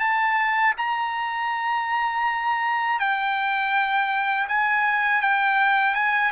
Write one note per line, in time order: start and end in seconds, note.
0.00 0.74 A5
0.78 2.99 A#5
2.99 4.47 G5
4.48 5.22 G#5
5.22 5.95 G5
5.95 6.32 G#5